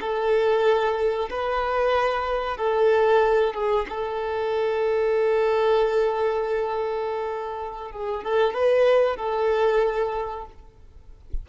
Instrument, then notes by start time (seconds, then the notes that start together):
violin
0.00 A4
1.30 B4
2.57 A4
3.54 G#4
3.89 A4
7.91 G#4
8.23 A4
8.54 B4
9.16 A4